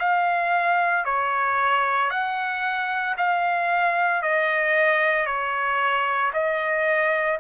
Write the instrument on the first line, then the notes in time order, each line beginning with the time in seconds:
trumpet
0.00 F5
1.05 C#5
2.11 F#5
3.18 F5
4.22 D#5
5.27 C#5
6.33 D#5